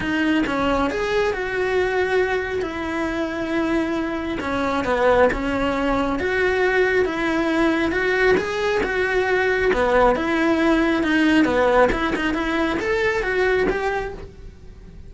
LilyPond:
\new Staff \with { instrumentName = "cello" } { \time 4/4 \tempo 4 = 136 dis'4 cis'4 gis'4 fis'4~ | fis'2 e'2~ | e'2 cis'4 b4 | cis'2 fis'2 |
e'2 fis'4 gis'4 | fis'2 b4 e'4~ | e'4 dis'4 b4 e'8 dis'8 | e'4 a'4 fis'4 g'4 | }